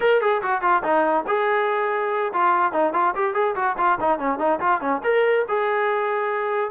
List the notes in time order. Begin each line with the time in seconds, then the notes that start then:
0.00 A#4
0.21 G#4
0.42 F#4
0.61 F4
0.83 D#4
1.27 G#4
2.33 F4
2.72 D#4
2.93 F4
3.15 G4
3.34 G#4
3.55 F#4
3.77 F4
4.00 D#4
4.18 C#4
4.38 D#4
4.60 F4
4.80 C#4
5.03 A#4
5.48 G#4